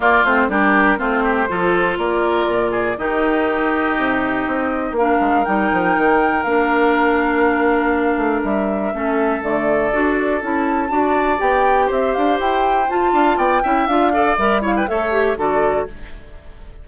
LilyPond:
<<
  \new Staff \with { instrumentName = "flute" } { \time 4/4 \tempo 4 = 121 d''8 c''8 ais'4 c''2 | d''2 dis''2~ | dis''2 f''4 g''4~ | g''4 f''2.~ |
f''4 e''2 d''4~ | d''4 a''2 g''4 | e''8 f''8 g''4 a''4 g''4 | f''4 e''8 f''16 g''16 e''4 d''4 | }
  \new Staff \with { instrumentName = "oboe" } { \time 4/4 f'4 g'4 f'8 g'8 a'4 | ais'4. gis'8 g'2~ | g'2 ais'2~ | ais'1~ |
ais'2 a'2~ | a'2 d''2 | c''2~ c''8 f''8 d''8 e''8~ | e''8 d''4 cis''16 b'16 cis''4 a'4 | }
  \new Staff \with { instrumentName = "clarinet" } { \time 4/4 ais8 c'8 d'4 c'4 f'4~ | f'2 dis'2~ | dis'2 d'4 dis'4~ | dis'4 d'2.~ |
d'2 cis'4 a4 | fis'4 e'4 fis'4 g'4~ | g'2 f'4. e'8 | f'8 a'8 ais'8 e'8 a'8 g'8 fis'4 | }
  \new Staff \with { instrumentName = "bassoon" } { \time 4/4 ais8 a8 g4 a4 f4 | ais4 ais,4 dis2 | c4 c'4 ais8 gis8 g8 f8 | dis4 ais2.~ |
ais8 a8 g4 a4 d4 | d'4 cis'4 d'4 b4 | c'8 d'8 e'4 f'8 d'8 b8 cis'8 | d'4 g4 a4 d4 | }
>>